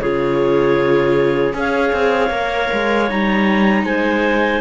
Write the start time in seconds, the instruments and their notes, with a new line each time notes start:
0.00 cello C#3, viola F4, clarinet G#4 C#5
1.52 cello C#4, viola G#4, clarinet C#5 F5
1.92 cello C4
2.30 cello A#3, viola A#4
2.72 cello G#3
3.08 cello G3, viola D#4, clarinet A#5
3.83 cello G#3, clarinet C5 G#5